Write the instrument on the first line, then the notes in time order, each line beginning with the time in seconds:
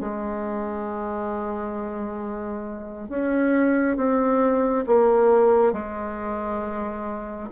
bassoon
0.00 G#3
3.08 C#4
3.96 C4
4.86 A#3
5.73 G#3